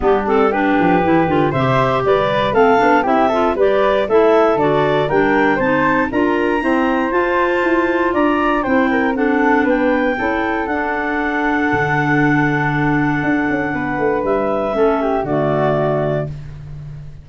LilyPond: <<
  \new Staff \with { instrumentName = "clarinet" } { \time 4/4 \tempo 4 = 118 g'8 a'8 b'2 e''4 | d''4 f''4 e''4 d''4 | e''4 d''4 g''4 a''4 | ais''2 a''2 |
ais''4 g''4 fis''4 g''4~ | g''4 fis''2.~ | fis''1 | e''2 d''2 | }
  \new Staff \with { instrumentName = "flute" } { \time 4/4 d'4 g'2 c''4 | b'4 a'4 g'8 a'8 b'4 | a'2 ais'4 c''4 | ais'4 c''2. |
d''4 c''8 ais'8 a'4 b'4 | a'1~ | a'2. b'4~ | b'4 a'8 g'8 fis'2 | }
  \new Staff \with { instrumentName = "clarinet" } { \time 4/4 b8 c'8 d'4 e'8 f'8 g'4~ | g'4 c'8 d'8 e'8 f'8 g'4 | e'4 fis'4 d'4 dis'4 | f'4 c'4 f'2~ |
f'4 e'4 d'2 | e'4 d'2.~ | d'1~ | d'4 cis'4 a2 | }
  \new Staff \with { instrumentName = "tuba" } { \time 4/4 g4. f8 e8 d8 c4 | g4 a8 b8 c'4 g4 | a4 d4 g4 c'4 | d'4 e'4 f'4 e'4 |
d'4 c'2 b4 | cis'4 d'2 d4~ | d2 d'8 cis'8 b8 a8 | g4 a4 d2 | }
>>